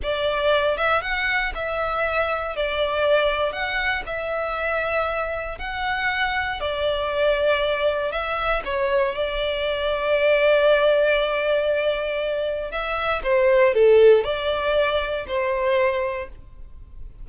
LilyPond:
\new Staff \with { instrumentName = "violin" } { \time 4/4 \tempo 4 = 118 d''4. e''8 fis''4 e''4~ | e''4 d''2 fis''4 | e''2. fis''4~ | fis''4 d''2. |
e''4 cis''4 d''2~ | d''1~ | d''4 e''4 c''4 a'4 | d''2 c''2 | }